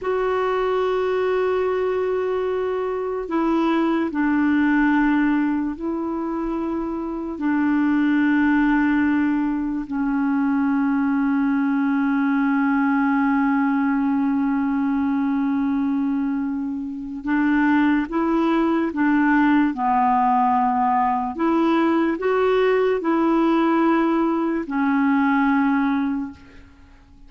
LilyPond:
\new Staff \with { instrumentName = "clarinet" } { \time 4/4 \tempo 4 = 73 fis'1 | e'4 d'2 e'4~ | e'4 d'2. | cis'1~ |
cis'1~ | cis'4 d'4 e'4 d'4 | b2 e'4 fis'4 | e'2 cis'2 | }